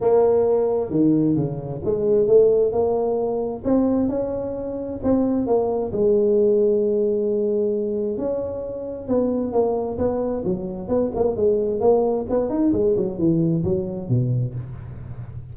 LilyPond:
\new Staff \with { instrumentName = "tuba" } { \time 4/4 \tempo 4 = 132 ais2 dis4 cis4 | gis4 a4 ais2 | c'4 cis'2 c'4 | ais4 gis2.~ |
gis2 cis'2 | b4 ais4 b4 fis4 | b8 ais8 gis4 ais4 b8 dis'8 | gis8 fis8 e4 fis4 b,4 | }